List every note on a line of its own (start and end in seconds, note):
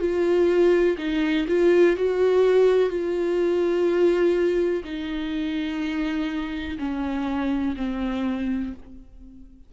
0.00 0.97 F4
0.98 1.46 D#4
1.48 1.96 F4
1.96 2.89 F#4
2.89 4.83 F4
4.84 6.78 D#4
6.79 7.76 C#4
7.76 8.73 C4